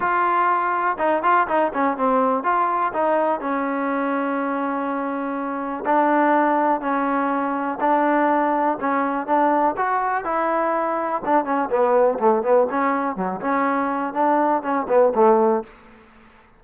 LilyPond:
\new Staff \with { instrumentName = "trombone" } { \time 4/4 \tempo 4 = 123 f'2 dis'8 f'8 dis'8 cis'8 | c'4 f'4 dis'4 cis'4~ | cis'1 | d'2 cis'2 |
d'2 cis'4 d'4 | fis'4 e'2 d'8 cis'8 | b4 a8 b8 cis'4 fis8 cis'8~ | cis'4 d'4 cis'8 b8 a4 | }